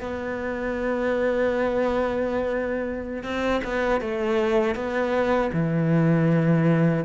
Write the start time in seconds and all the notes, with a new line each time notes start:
0.00 B3
3.23 C4
3.64 B3
4.00 A3
4.75 B3
5.52 E3